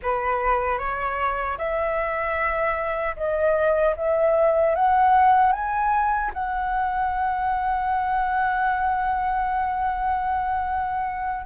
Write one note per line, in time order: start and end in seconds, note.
0.02 0.78 B4
0.78 1.57 C#5
1.58 3.15 E5
3.16 3.95 D#5
3.96 4.75 E5
4.75 5.52 F#5
5.52 6.31 G#5
6.33 11.45 F#5